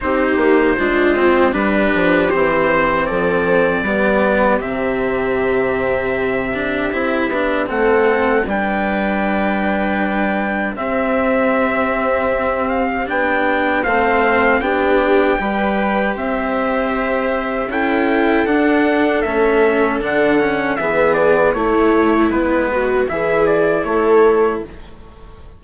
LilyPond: <<
  \new Staff \with { instrumentName = "trumpet" } { \time 4/4 \tempo 4 = 78 c''2 b'4 c''4 | d''2 e''2~ | e''2 fis''4 g''4~ | g''2 e''2~ |
e''8 f''8 g''4 f''4 g''4~ | g''4 e''2 g''4 | fis''4 e''4 fis''4 e''8 d''8 | cis''4 b'4 e''8 d''8 cis''4 | }
  \new Staff \with { instrumentName = "viola" } { \time 4/4 g'4 f'4 g'2 | a'4 g'2.~ | g'2 a'4 b'4~ | b'2 g'2~ |
g'2 c''4 g'4 | b'4 c''2 a'4~ | a'2. gis'4 | e'4. fis'8 gis'4 a'4 | }
  \new Staff \with { instrumentName = "cello" } { \time 4/4 dis'4 d'8 c'8 d'4 c'4~ | c'4 b4 c'2~ | c'8 d'8 e'8 d'8 c'4 d'4~ | d'2 c'2~ |
c'4 d'4 c'4 d'4 | g'2. e'4 | d'4 cis'4 d'8 cis'8 b4 | a4 b4 e'2 | }
  \new Staff \with { instrumentName = "bassoon" } { \time 4/4 c'8 ais8 gis4 g8 f8 e4 | f4 g4 c2~ | c4 c'8 b8 a4 g4~ | g2 c'2~ |
c'4 b4 a4 b4 | g4 c'2 cis'4 | d'4 a4 d4 e4 | a4 gis4 e4 a4 | }
>>